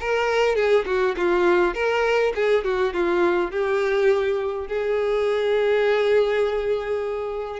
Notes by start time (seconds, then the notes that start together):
0.00 A#4
0.55 G#4
0.86 F#4
1.17 F4
1.74 A#4
2.35 G#4
2.64 F#4
2.93 F4
3.51 G4
4.67 G#4